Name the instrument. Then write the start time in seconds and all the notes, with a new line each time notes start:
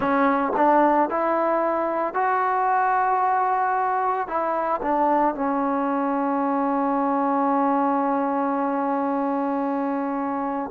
trombone
0.00 C#4
0.56 D4
1.09 E4
2.14 F#4
4.27 E4
4.82 D4
5.34 C#4